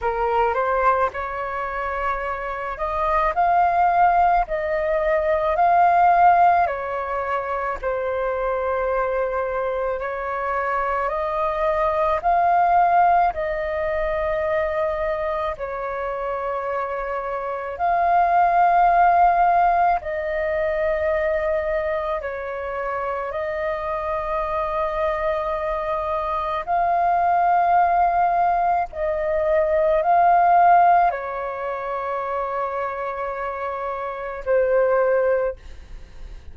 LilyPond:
\new Staff \with { instrumentName = "flute" } { \time 4/4 \tempo 4 = 54 ais'8 c''8 cis''4. dis''8 f''4 | dis''4 f''4 cis''4 c''4~ | c''4 cis''4 dis''4 f''4 | dis''2 cis''2 |
f''2 dis''2 | cis''4 dis''2. | f''2 dis''4 f''4 | cis''2. c''4 | }